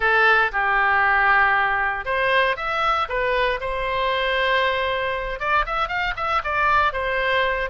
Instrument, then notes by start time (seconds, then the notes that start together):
oboe
0.00 A4
0.52 G4
2.05 C5
2.56 E5
3.08 B4
3.60 C5
5.39 D5
5.66 E5
5.88 F5
6.16 E5
6.44 D5
6.92 C5